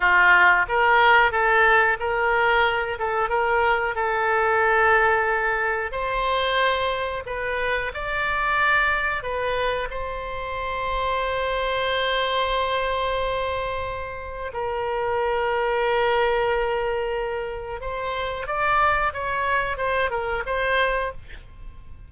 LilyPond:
\new Staff \with { instrumentName = "oboe" } { \time 4/4 \tempo 4 = 91 f'4 ais'4 a'4 ais'4~ | ais'8 a'8 ais'4 a'2~ | a'4 c''2 b'4 | d''2 b'4 c''4~ |
c''1~ | c''2 ais'2~ | ais'2. c''4 | d''4 cis''4 c''8 ais'8 c''4 | }